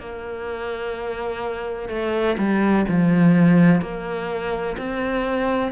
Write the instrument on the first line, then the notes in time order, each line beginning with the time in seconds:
cello
0.00 A#3
1.90 A3
2.38 G3
2.88 F3
3.82 A#3
4.78 C4